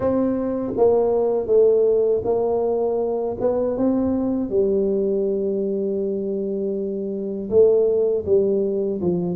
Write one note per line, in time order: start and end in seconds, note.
0.00 0.73 C4
0.77 1.46 A#3
1.46 2.21 A3
2.24 3.36 A#3
3.40 3.77 B3
3.77 4.49 C4
4.49 7.49 G3
7.50 8.25 A3
8.25 9.00 G3
9.01 9.36 F3